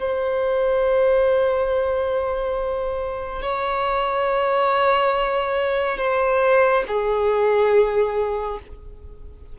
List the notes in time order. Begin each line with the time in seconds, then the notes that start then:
0.00 C5
3.42 C#5
5.98 C5
6.88 G#4